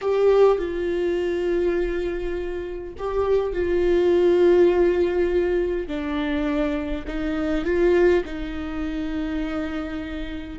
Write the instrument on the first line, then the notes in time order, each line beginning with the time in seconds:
viola
0.01 G4
0.58 F4
2.98 G4
3.52 F4
5.87 D4
7.07 D#4
7.64 F4
8.25 D#4